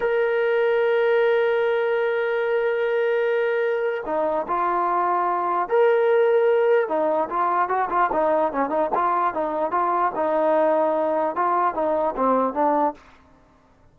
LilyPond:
\new Staff \with { instrumentName = "trombone" } { \time 4/4 \tempo 4 = 148 ais'1~ | ais'1~ | ais'2 dis'4 f'4~ | f'2 ais'2~ |
ais'4 dis'4 f'4 fis'8 f'8 | dis'4 cis'8 dis'8 f'4 dis'4 | f'4 dis'2. | f'4 dis'4 c'4 d'4 | }